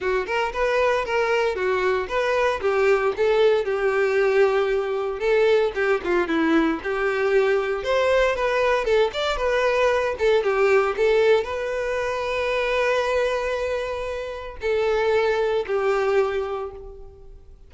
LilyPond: \new Staff \with { instrumentName = "violin" } { \time 4/4 \tempo 4 = 115 fis'8 ais'8 b'4 ais'4 fis'4 | b'4 g'4 a'4 g'4~ | g'2 a'4 g'8 f'8 | e'4 g'2 c''4 |
b'4 a'8 d''8 b'4. a'8 | g'4 a'4 b'2~ | b'1 | a'2 g'2 | }